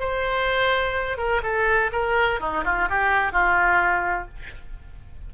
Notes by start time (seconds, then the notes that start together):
0.00 C5
1.18 A#4
1.43 A4
1.92 A#4
2.40 D#4
2.65 F4
2.90 G4
3.32 F4